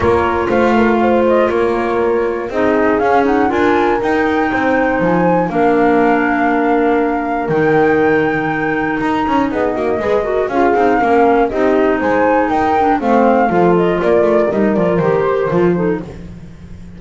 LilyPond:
<<
  \new Staff \with { instrumentName = "flute" } { \time 4/4 \tempo 4 = 120 cis''4 f''4. dis''8 cis''4~ | cis''4 dis''4 f''8 fis''8 gis''4 | g''2 gis''4 f''4~ | f''2. g''4~ |
g''2 ais''4 dis''4~ | dis''4 f''2 dis''4 | gis''4 g''4 f''4. dis''8 | d''4 dis''8 d''8 c''2 | }
  \new Staff \with { instrumentName = "horn" } { \time 4/4 ais'4 c''8 ais'8 c''4 ais'4~ | ais'4 gis'2 ais'4~ | ais'4 c''2 ais'4~ | ais'1~ |
ais'2. gis'8 fis'8 | b'8 ais'8 gis'4 ais'4 g'4 | c''4 ais'4 c''4 a'4 | ais'2.~ ais'8 a'8 | }
  \new Staff \with { instrumentName = "clarinet" } { \time 4/4 f'1~ | f'4 dis'4 cis'8 dis'8 f'4 | dis'2. d'4~ | d'2. dis'4~ |
dis'1 | gis'8 fis'8 f'8 dis'8 cis'4 dis'4~ | dis'4. d'8 c'4 f'4~ | f'4 dis'8 f'8 g'4 f'8 dis'8 | }
  \new Staff \with { instrumentName = "double bass" } { \time 4/4 ais4 a2 ais4~ | ais4 c'4 cis'4 d'4 | dis'4 c'4 f4 ais4~ | ais2. dis4~ |
dis2 dis'8 cis'8 b8 ais8 | gis4 cis'8 c'8 ais4 c'4 | gis4 dis'4 a4 f4 | ais8 a8 g8 f8 dis4 f4 | }
>>